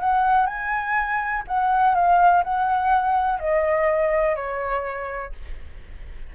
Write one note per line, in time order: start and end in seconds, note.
0.00 0.46 F#5
0.46 1.43 G#5
1.47 1.95 F#5
1.95 2.43 F5
2.43 3.39 F#5
3.39 4.35 D#5
4.35 5.32 C#5